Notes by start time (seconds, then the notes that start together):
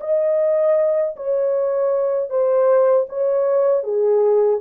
0.00 D#5
1.16 C#5
2.29 C5
3.09 C#5
3.83 G#4